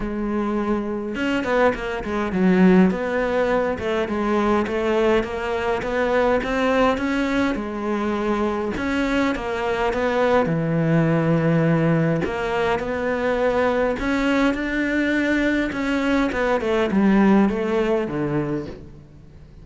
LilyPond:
\new Staff \with { instrumentName = "cello" } { \time 4/4 \tempo 4 = 103 gis2 cis'8 b8 ais8 gis8 | fis4 b4. a8 gis4 | a4 ais4 b4 c'4 | cis'4 gis2 cis'4 |
ais4 b4 e2~ | e4 ais4 b2 | cis'4 d'2 cis'4 | b8 a8 g4 a4 d4 | }